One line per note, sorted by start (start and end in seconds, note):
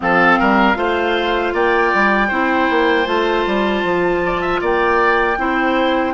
0.00 0.39 F3
0.00 0.74 C4
0.00 0.39 A4
0.00 1.55 F5
0.39 0.76 G3
0.39 0.77 A#4
0.74 1.53 A3
0.74 2.28 F4
0.74 1.54 C5
1.53 1.92 A#3
1.53 2.28 D5
1.53 3.06 G5
1.93 2.30 G3
2.28 2.69 C4
2.28 3.05 E4
2.28 4.20 C5
2.69 3.06 A#3
3.05 3.45 A3
3.05 5.36 F4
3.05 4.60 A5
3.46 3.83 G3
3.83 4.60 F3
4.25 4.41 D5
4.41 4.60 E5
4.60 5.37 A#3
4.60 5.37 D5
4.60 6.14 G5
5.37 6.14 C4
5.37 6.14 E4
5.37 6.14 C5